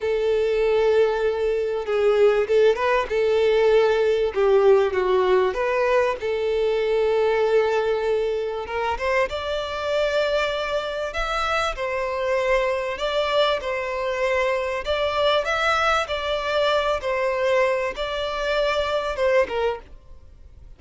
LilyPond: \new Staff \with { instrumentName = "violin" } { \time 4/4 \tempo 4 = 97 a'2. gis'4 | a'8 b'8 a'2 g'4 | fis'4 b'4 a'2~ | a'2 ais'8 c''8 d''4~ |
d''2 e''4 c''4~ | c''4 d''4 c''2 | d''4 e''4 d''4. c''8~ | c''4 d''2 c''8 ais'8 | }